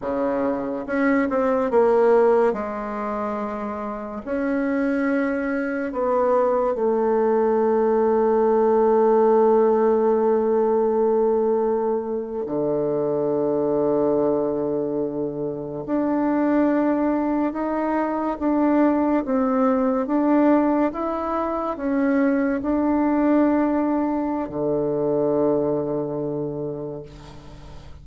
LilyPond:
\new Staff \with { instrumentName = "bassoon" } { \time 4/4 \tempo 4 = 71 cis4 cis'8 c'8 ais4 gis4~ | gis4 cis'2 b4 | a1~ | a2~ a8. d4~ d16~ |
d2~ d8. d'4~ d'16~ | d'8. dis'4 d'4 c'4 d'16~ | d'8. e'4 cis'4 d'4~ d'16~ | d'4 d2. | }